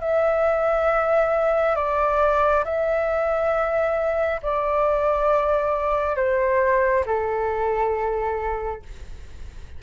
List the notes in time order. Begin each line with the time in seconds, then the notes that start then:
0.00 E5
1.75 D5
2.64 E5
4.42 D5
6.16 C5
7.05 A4